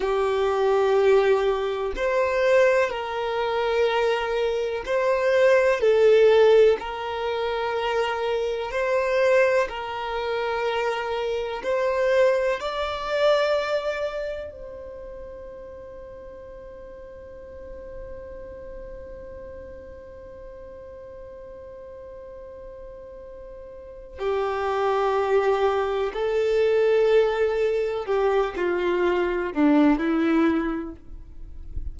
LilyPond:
\new Staff \with { instrumentName = "violin" } { \time 4/4 \tempo 4 = 62 g'2 c''4 ais'4~ | ais'4 c''4 a'4 ais'4~ | ais'4 c''4 ais'2 | c''4 d''2 c''4~ |
c''1~ | c''1~ | c''4 g'2 a'4~ | a'4 g'8 f'4 d'8 e'4 | }